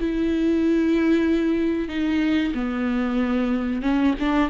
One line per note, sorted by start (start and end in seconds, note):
0.00 1.88 E4
1.88 2.53 D#4
2.54 3.82 B3
3.82 4.14 C#4
4.20 4.50 D4